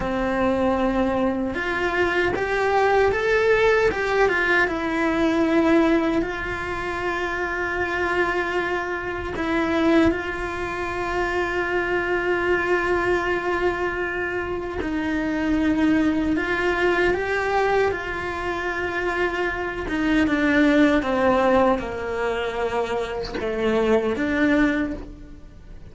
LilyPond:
\new Staff \with { instrumentName = "cello" } { \time 4/4 \tempo 4 = 77 c'2 f'4 g'4 | a'4 g'8 f'8 e'2 | f'1 | e'4 f'2.~ |
f'2. dis'4~ | dis'4 f'4 g'4 f'4~ | f'4. dis'8 d'4 c'4 | ais2 a4 d'4 | }